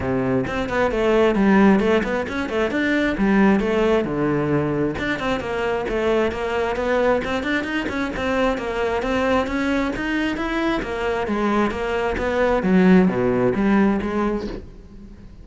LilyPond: \new Staff \with { instrumentName = "cello" } { \time 4/4 \tempo 4 = 133 c4 c'8 b8 a4 g4 | a8 b8 cis'8 a8 d'4 g4 | a4 d2 d'8 c'8 | ais4 a4 ais4 b4 |
c'8 d'8 dis'8 cis'8 c'4 ais4 | c'4 cis'4 dis'4 e'4 | ais4 gis4 ais4 b4 | fis4 b,4 g4 gis4 | }